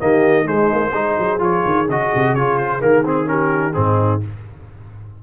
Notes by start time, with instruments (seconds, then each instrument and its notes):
0.00 tuba D#3, trombone A#3, horn G4, trumpet D#5
0.45 trombone G#3, tuba G#3, horn D#4, trumpet C5
0.73 tuba A#3
0.93 tuba G#3, trombone D#4, horn G#4
1.19 tuba F#3
1.39 tuba F3, trombone F4, trumpet C#5
1.66 tuba D#3
1.88 tuba C#3, trombone F#4, trumpet D#5
2.15 tuba C3
2.34 tuba C#3, trombone F4, trumpet C#5
2.58 trumpet C5
2.80 tuba D#3, trombone A#3, trumpet A#4
3.06 trombone C4, trumpet G#4
3.26 trombone C#4, horn G4, trumpet A#4
3.74 tuba G#2, trombone C4, horn D#4, trumpet G#4